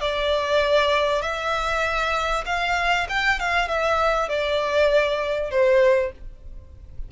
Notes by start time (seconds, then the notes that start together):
0.00 D5
1.22 E5
2.45 F5
3.09 G5
3.39 F5
3.68 E5
4.28 D5
5.50 C5